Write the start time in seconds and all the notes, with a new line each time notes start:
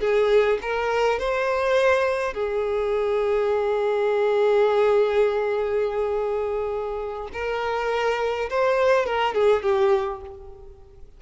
0.00 G#4
0.62 A#4
1.19 C5
2.33 G#4
7.33 A#4
8.49 C5
9.06 A#4
9.34 G#4
9.62 G4